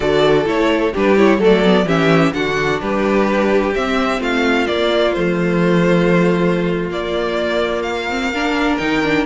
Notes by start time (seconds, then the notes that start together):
0.00 D3 F#4 A4 D5
0.45 A3 E4 C#5
0.93 G3 D4 G4 B4
1.16 E4 C#5
1.38 F#3 A3 A4 D5
1.63 B3
1.85 E3 C#4 G4 E5
2.33 D3 D4 F#4 F#5
2.80 G3 G4 B4
3.74 C4 E5
4.19 A3 F4 F5
4.66 A#3 D5
5.12 F3 A3 C5
6.89 A#3 D5
7.82 F5
8.09 C4
8.33 D4 A#4
8.77 D#3 D#4 G5
9.03 D4